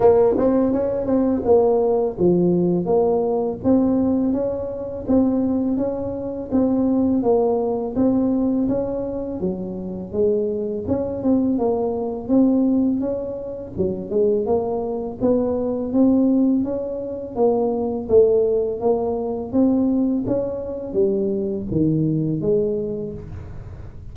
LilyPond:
\new Staff \with { instrumentName = "tuba" } { \time 4/4 \tempo 4 = 83 ais8 c'8 cis'8 c'8 ais4 f4 | ais4 c'4 cis'4 c'4 | cis'4 c'4 ais4 c'4 | cis'4 fis4 gis4 cis'8 c'8 |
ais4 c'4 cis'4 fis8 gis8 | ais4 b4 c'4 cis'4 | ais4 a4 ais4 c'4 | cis'4 g4 dis4 gis4 | }